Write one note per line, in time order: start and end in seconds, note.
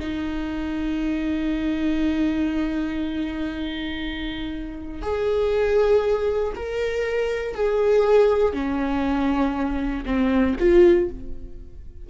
0.00 5.02 D#4
5.02 6.54 G#4
6.56 7.55 A#4
7.55 8.54 G#4
8.54 10.05 C#4
10.06 10.57 C4
10.60 11.10 F4